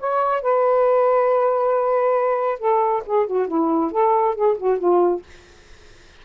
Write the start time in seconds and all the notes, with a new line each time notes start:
0.00 C#5
0.42 B4
2.59 A4
3.06 G#4
3.27 F#4
3.48 E4
3.92 A4
4.36 G#4
4.58 F#4
4.79 F4